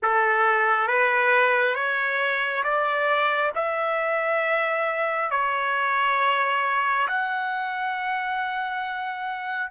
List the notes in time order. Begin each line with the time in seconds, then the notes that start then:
0.02 A4
0.87 B4
1.74 C#5
2.63 D5
3.55 E5
5.30 C#5
7.07 F#5